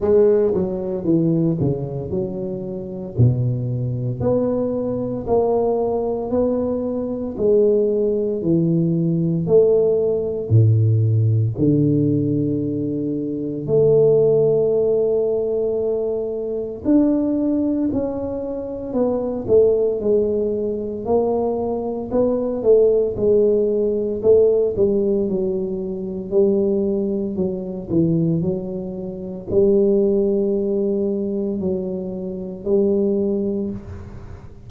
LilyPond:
\new Staff \with { instrumentName = "tuba" } { \time 4/4 \tempo 4 = 57 gis8 fis8 e8 cis8 fis4 b,4 | b4 ais4 b4 gis4 | e4 a4 a,4 d4~ | d4 a2. |
d'4 cis'4 b8 a8 gis4 | ais4 b8 a8 gis4 a8 g8 | fis4 g4 fis8 e8 fis4 | g2 fis4 g4 | }